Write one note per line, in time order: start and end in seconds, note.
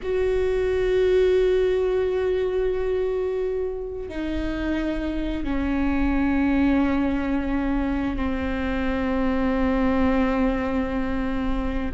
0.02 4.08 F#4
4.08 5.44 D#4
5.44 8.16 C#4
8.16 11.91 C4